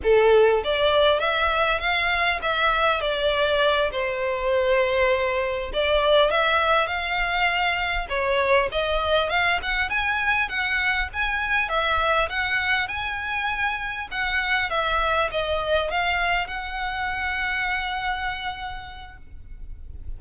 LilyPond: \new Staff \with { instrumentName = "violin" } { \time 4/4 \tempo 4 = 100 a'4 d''4 e''4 f''4 | e''4 d''4. c''4.~ | c''4. d''4 e''4 f''8~ | f''4. cis''4 dis''4 f''8 |
fis''8 gis''4 fis''4 gis''4 e''8~ | e''8 fis''4 gis''2 fis''8~ | fis''8 e''4 dis''4 f''4 fis''8~ | fis''1 | }